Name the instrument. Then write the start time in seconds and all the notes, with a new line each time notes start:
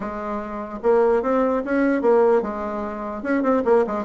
bassoon
0.00 G#3
0.82 A#3
1.22 C4
1.65 C#4
2.01 A#3
2.42 G#3
3.22 C#4
3.42 C4
3.64 A#3
3.86 G#3